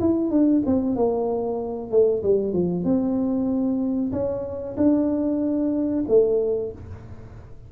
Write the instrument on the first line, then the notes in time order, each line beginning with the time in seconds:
tuba
0.00 E4
0.30 D4
0.65 C4
0.95 A#3
1.91 A3
2.23 G3
2.53 F3
2.84 C4
4.12 C#4
4.77 D4
6.08 A3